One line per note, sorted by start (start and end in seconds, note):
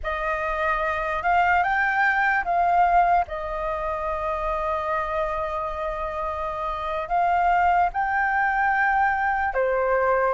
0.03 1.22 D#5
1.22 1.63 F5
1.63 2.44 G5
2.44 3.25 F5
3.27 7.08 D#5
7.08 7.89 F5
7.92 9.53 G5
9.53 10.34 C5